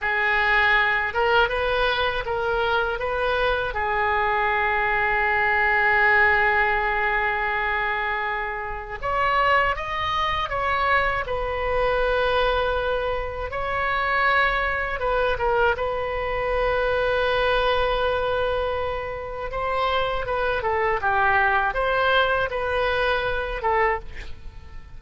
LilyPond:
\new Staff \with { instrumentName = "oboe" } { \time 4/4 \tempo 4 = 80 gis'4. ais'8 b'4 ais'4 | b'4 gis'2.~ | gis'1 | cis''4 dis''4 cis''4 b'4~ |
b'2 cis''2 | b'8 ais'8 b'2.~ | b'2 c''4 b'8 a'8 | g'4 c''4 b'4. a'8 | }